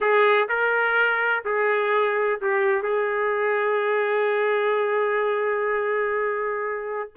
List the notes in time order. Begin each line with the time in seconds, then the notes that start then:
0.00 G#4
0.48 A#4
1.44 G#4
2.40 G4
2.82 G#4